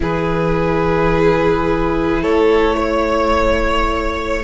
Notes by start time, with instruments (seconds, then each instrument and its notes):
0.00 cello E3, viola E4, violin G#4 B4
2.22 cello A3, violin A4 C#5
2.76 violin C#5